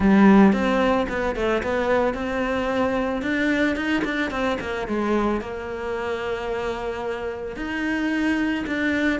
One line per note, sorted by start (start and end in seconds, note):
0.00 0.53 G3
0.53 1.07 C4
1.08 1.35 B3
1.35 1.62 A3
1.62 2.14 B3
2.14 3.22 C4
3.22 3.76 D4
3.76 4.03 D#4
4.04 4.30 D4
4.30 4.57 C4
4.60 4.87 A#3
4.87 5.41 G#3
5.41 7.56 A#3
7.56 8.64 D#4
8.66 9.19 D4